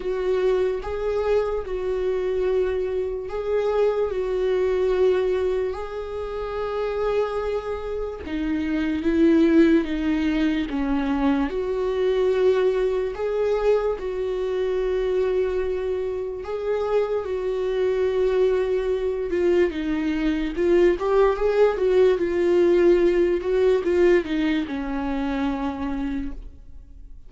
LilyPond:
\new Staff \with { instrumentName = "viola" } { \time 4/4 \tempo 4 = 73 fis'4 gis'4 fis'2 | gis'4 fis'2 gis'4~ | gis'2 dis'4 e'4 | dis'4 cis'4 fis'2 |
gis'4 fis'2. | gis'4 fis'2~ fis'8 f'8 | dis'4 f'8 g'8 gis'8 fis'8 f'4~ | f'8 fis'8 f'8 dis'8 cis'2 | }